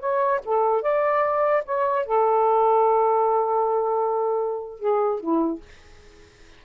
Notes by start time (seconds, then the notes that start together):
0.00 C#5
0.45 A4
0.82 D5
1.65 C#5
2.06 A4
4.79 G#4
5.20 E4